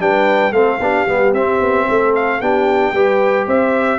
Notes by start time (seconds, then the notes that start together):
0.00 G3 D4 B4 G5
0.52 A3 C4 A4 F5
0.80 B3 D4 G4
1.08 G3 B3
1.33 C4 E5
1.61 B3
1.88 A3 A4
2.15 F5
2.41 B3 D4 G4 G5
2.93 G3 G4 B4
3.46 C4 C5 E5